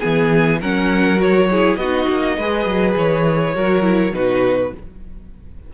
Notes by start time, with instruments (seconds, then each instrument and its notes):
0.00 cello E3, viola B3, violin G#4 G#5
0.61 cello F#3, viola C#4, violin A#4 F#5
1.17 viola F#4, violin C#5
1.51 viola E4, violin G#4
1.76 cello B3, violin F#4 D#5
1.82 viola D#4
2.09 cello A#3
2.37 cello G#3, viola G#4, violin B4
2.66 cello F#3
2.96 cello E3, violin C#5
3.55 cello F#3, viola F#4, violin A#4
3.82 viola E4
4.13 cello B2, viola D#4, violin F#4 B4